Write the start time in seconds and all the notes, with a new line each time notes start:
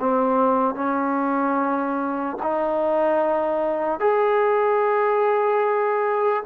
0.00 C4
0.75 C#4
2.43 D#4
4.00 G#4